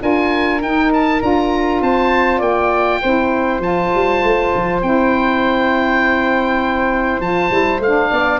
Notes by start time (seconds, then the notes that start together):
0.00 D4 F4 A#4 G#5
0.61 D#4 G5
0.93 A5
1.21 D4 F4 A#5
1.81 C4 C5 A5
2.38 A#3 D5 G5
3.01 C4 E4 C5
3.59 F3 F4 A5
3.94 G3
4.23 A3
4.55 F3
4.82 C4 E4 G5
7.20 F3 F4 A5
7.49 G3 E4
7.79 A3 D4 F5
8.10 B3 D5